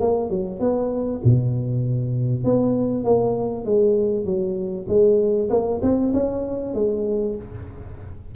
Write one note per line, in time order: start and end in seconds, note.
0.00 0.30 A#3
0.30 0.60 F#3
0.60 1.21 B3
1.24 2.44 B2
2.44 3.04 B3
3.04 3.65 A#3
3.65 4.25 G#3
4.25 4.86 F#3
4.88 5.49 G#3
5.50 5.81 A#3
5.82 6.13 C4
6.13 6.75 C#4
6.75 7.36 G#3